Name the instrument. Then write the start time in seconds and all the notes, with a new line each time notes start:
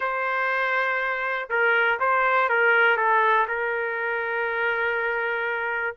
trumpet
0.00 C5
1.49 A#4
1.99 C5
2.49 A#4
2.97 A4
3.47 A#4